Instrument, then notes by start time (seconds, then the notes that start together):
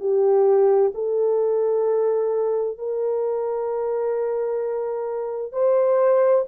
horn
0.00 G4
0.94 A4
2.79 A#4
5.53 C5